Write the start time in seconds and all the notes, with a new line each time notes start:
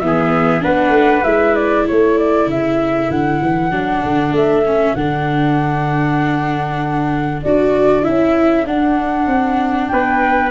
0.00 E3 B3 G#4 E5
0.61 B3 D4 B4 F#5
0.89 A3
1.24 G#3 E4 E5
1.55 D5
1.86 A3 A4 C#5
2.18 D5
2.47 C#3 E5
3.10 D3 F#5
3.42 E3
3.71 F#3 D4
4.04 D3
4.32 A3 E5
4.66 C#4
4.95 D3 D4 F#5
7.43 D4 F#4 D5
8.03 C#4 E4 E5
8.66 D4 F#5
9.27 C4
9.88 B3 B4 G5